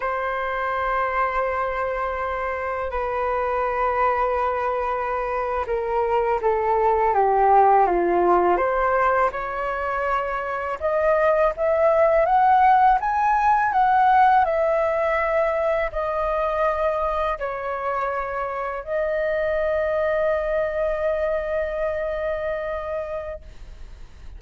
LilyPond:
\new Staff \with { instrumentName = "flute" } { \time 4/4 \tempo 4 = 82 c''1 | b'2.~ b'8. ais'16~ | ais'8. a'4 g'4 f'4 c''16~ | c''8. cis''2 dis''4 e''16~ |
e''8. fis''4 gis''4 fis''4 e''16~ | e''4.~ e''16 dis''2 cis''16~ | cis''4.~ cis''16 dis''2~ dis''16~ | dis''1 | }